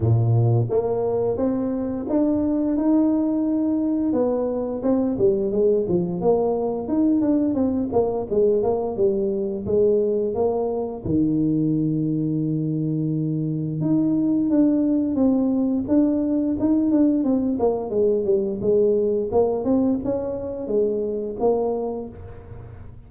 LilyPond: \new Staff \with { instrumentName = "tuba" } { \time 4/4 \tempo 4 = 87 ais,4 ais4 c'4 d'4 | dis'2 b4 c'8 g8 | gis8 f8 ais4 dis'8 d'8 c'8 ais8 | gis8 ais8 g4 gis4 ais4 |
dis1 | dis'4 d'4 c'4 d'4 | dis'8 d'8 c'8 ais8 gis8 g8 gis4 | ais8 c'8 cis'4 gis4 ais4 | }